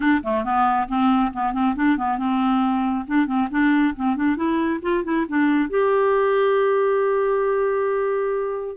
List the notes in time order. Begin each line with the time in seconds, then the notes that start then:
0.00 D4
0.23 A3
0.44 B3
0.88 C4
1.33 B3
1.53 C4
1.75 D4
1.97 B3
2.18 C4
3.07 D4
3.26 C4
3.50 D4
3.95 C4
4.15 D4
4.36 E4
4.82 F4
5.04 E4
5.28 D4
5.69 G4